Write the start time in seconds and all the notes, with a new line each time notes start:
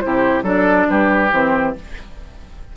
0.00 C3 E4 G4 C5
0.42 F#3 D4 A4 D5
0.89 G3 G4 B4
1.31 E3 C4 C5